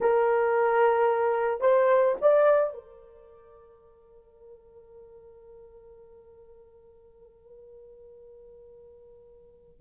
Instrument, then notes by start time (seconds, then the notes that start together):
horn
0.00 A#4
1.61 C5
2.21 D5
2.73 A#4